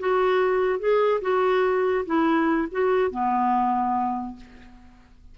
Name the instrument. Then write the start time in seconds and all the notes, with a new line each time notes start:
clarinet
0.00 F#4
0.80 G#4
1.22 F#4
2.06 E4
2.72 F#4
3.12 B3